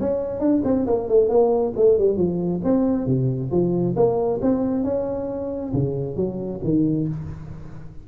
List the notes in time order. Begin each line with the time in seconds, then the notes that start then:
0.00 C#4
0.40 D4
0.64 C4
0.86 A#3
1.08 A3
1.29 A#3
1.76 A3
1.98 G3
2.17 F3
2.64 C4
3.06 C3
3.51 F3
3.96 A#3
4.42 C4
4.84 C#4
5.73 C#3
6.16 F#3
6.64 D#3